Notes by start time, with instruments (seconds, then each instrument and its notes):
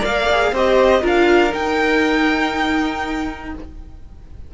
0.00 cello A#3, viola A#4, violin D5 F5
0.32 viola G#4
0.52 cello C4, viola G4, violin C5 D#5
1.01 cello D4, viola F4, violin A#4 F5
1.50 viola D#4, cello D#4, violin G5